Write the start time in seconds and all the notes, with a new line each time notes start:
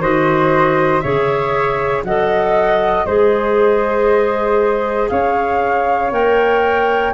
0.00 D#3 F#4 C5 D#5
1.00 C#3 G#4 C#5 E5
2.03 F#3 A4 D#5 F#5
3.06 G#3 G#4 C5 D#5
5.09 C#4 C#5 F5
6.11 A#3 A#4 G5